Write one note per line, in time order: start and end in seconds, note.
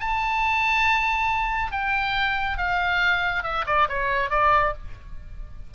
0.00 1.72 A5
1.72 2.58 G5
2.58 3.43 F5
3.43 3.65 E5
3.66 3.88 D5
3.89 4.30 C#5
4.30 4.73 D5